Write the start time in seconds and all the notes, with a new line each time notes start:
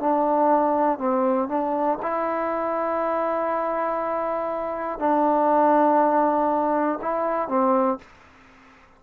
0.00 D4
0.98 C4
1.48 D4
2.02 E4
4.99 D4
7.01 E4
7.48 C4